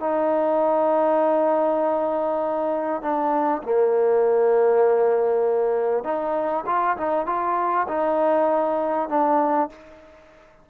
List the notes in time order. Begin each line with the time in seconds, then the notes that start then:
0.00 D#4
3.02 D4
3.63 A#3
6.04 D#4
6.66 F4
6.97 D#4
7.26 F4
7.88 D#4
9.09 D4